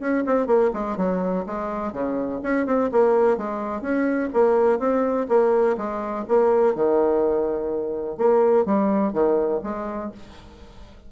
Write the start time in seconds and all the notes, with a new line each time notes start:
0.00 C#4
0.26 C4
0.46 A#3
0.73 G#3
0.97 F#3
1.46 G#3
1.93 C#3
2.43 C#4
2.66 C4
2.92 A#3
3.38 G#3
3.82 C#4
4.33 A#3
4.79 C4
5.29 A#3
5.77 G#3
6.28 A#3
6.75 D#3
8.17 A#3
8.65 G3
9.13 D#3
9.63 G#3